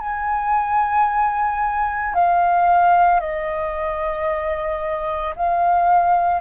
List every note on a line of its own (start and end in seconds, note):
0.00 2.14 G#5
2.14 3.20 F5
3.20 5.34 D#5
5.36 6.41 F5